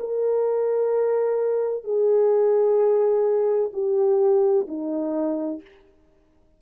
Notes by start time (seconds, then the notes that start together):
0.00 A#4
1.84 G#4
3.73 G4
4.68 D#4